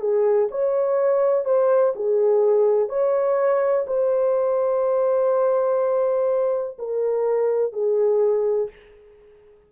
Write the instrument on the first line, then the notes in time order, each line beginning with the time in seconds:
horn
0.00 G#4
0.51 C#5
1.45 C5
1.95 G#4
2.89 C#5
3.87 C5
6.78 A#4
7.72 G#4